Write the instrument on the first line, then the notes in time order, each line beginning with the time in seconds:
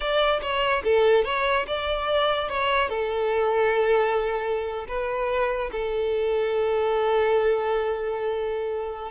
violin
0.00 D5
0.41 C#5
0.84 A4
1.24 C#5
1.67 D5
2.48 C#5
2.89 A4
4.87 B4
5.71 A4